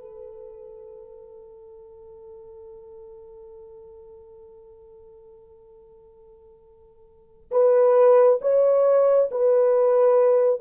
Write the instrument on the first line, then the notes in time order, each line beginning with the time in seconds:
horn
0.00 A4
7.51 B4
8.41 C#5
9.31 B4